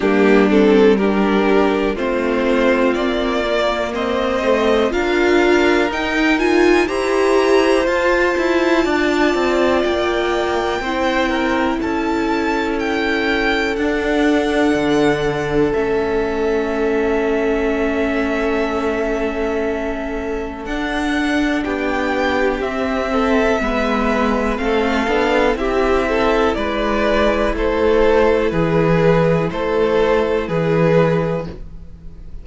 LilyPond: <<
  \new Staff \with { instrumentName = "violin" } { \time 4/4 \tempo 4 = 61 g'8 a'8 ais'4 c''4 d''4 | dis''4 f''4 g''8 gis''8 ais''4 | a''2 g''2 | a''4 g''4 fis''2 |
e''1~ | e''4 fis''4 g''4 e''4~ | e''4 f''4 e''4 d''4 | c''4 b'4 c''4 b'4 | }
  \new Staff \with { instrumentName = "violin" } { \time 4/4 d'4 g'4 f'2 | c''4 ais'2 c''4~ | c''4 d''2 c''8 ais'8 | a'1~ |
a'1~ | a'2 g'4. a'8 | b'4 a'4 g'8 a'8 b'4 | a'4 gis'4 a'4 gis'4 | }
  \new Staff \with { instrumentName = "viola" } { \time 4/4 ais8 c'8 d'4 c'4. ais8~ | ais8 a8 f'4 dis'8 f'8 g'4 | f'2. e'4~ | e'2 d'2 |
cis'1~ | cis'4 d'2 c'4 | b4 c'8 d'8 e'2~ | e'1 | }
  \new Staff \with { instrumentName = "cello" } { \time 4/4 g2 a4 ais4 | c'4 d'4 dis'4 e'4 | f'8 e'8 d'8 c'8 ais4 c'4 | cis'2 d'4 d4 |
a1~ | a4 d'4 b4 c'4 | gis4 a8 b8 c'4 gis4 | a4 e4 a4 e4 | }
>>